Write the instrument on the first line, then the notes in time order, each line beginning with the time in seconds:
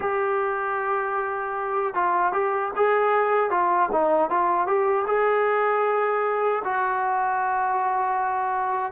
trombone
0.00 G4
1.94 F4
2.32 G4
2.76 G#4
3.50 F4
3.92 D#4
4.30 F4
4.66 G4
5.06 G#4
6.64 F#4